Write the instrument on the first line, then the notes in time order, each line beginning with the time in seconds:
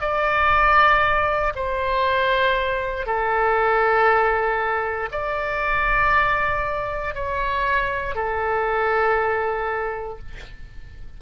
oboe
0.00 D5
1.55 C5
3.06 A4
5.11 D5
7.14 C#5
8.15 A4